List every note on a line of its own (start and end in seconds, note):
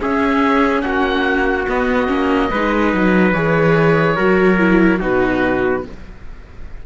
0.00 1.67 C#4
0.00 0.83 C#4
0.00 0.85 G#4
0.00 0.81 E5
0.81 1.66 A#3
0.81 2.51 F#4
0.81 1.65 F#5
1.69 2.08 B3
1.69 2.09 B3
1.69 3.32 D#5
2.08 2.50 A#3
2.08 2.49 C#4
2.51 2.94 G#3
2.51 3.34 D#4
2.51 4.16 B4
2.94 3.33 F#3
3.32 4.16 E3
3.32 4.17 G#4
3.32 4.99 C#5
4.16 5.02 F#3
4.16 4.59 F#4
4.16 4.99 A#4
4.59 5.00 E4
4.99 5.86 B2
4.99 5.84 D#4
4.99 5.83 F#4
4.99 5.85 B4